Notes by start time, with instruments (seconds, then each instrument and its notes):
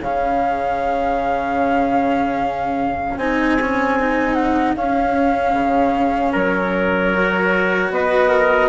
0.00 bassoon C#3, cello C#4, trumpet G#4, flute F5
3.17 bassoon C4, cello D#4, flute G#5
3.61 cello C#4
4.00 cello D#4
4.34 flute F#5
4.76 bassoon C#4, cello C#4, flute F5
5.53 bassoon C#3
6.32 bassoon F#3, trumpet A#4, flute C#5
7.14 cello F#4
7.91 bassoon B3, trumpet B4, flute D#5
8.29 trumpet A#4